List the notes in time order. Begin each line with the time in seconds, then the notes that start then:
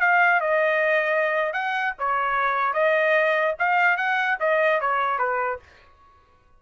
0.00 F5
0.40 D#5
1.53 F#5
1.98 C#5
2.73 D#5
3.58 F5
3.97 F#5
4.40 D#5
4.81 C#5
5.18 B4